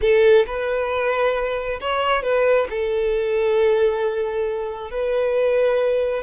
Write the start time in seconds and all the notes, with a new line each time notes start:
0.01 A4
0.46 B4
1.81 C#5
2.23 B4
2.69 A4
4.91 B4